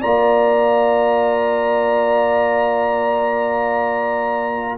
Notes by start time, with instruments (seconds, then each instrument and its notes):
0.00 tuba A#3, trombone F4, horn D5, trumpet A#5